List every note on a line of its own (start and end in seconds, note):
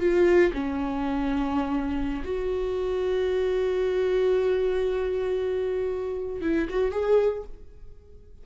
0.00 0.52 F4
0.54 2.23 C#4
2.24 6.42 F#4
6.42 6.68 E4
6.69 6.92 F#4
6.92 7.44 G#4